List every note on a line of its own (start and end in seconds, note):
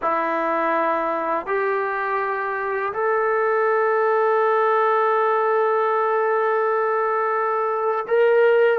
0.02 1.46 E4
1.46 2.92 G4
2.93 8.05 A4
8.07 8.79 A#4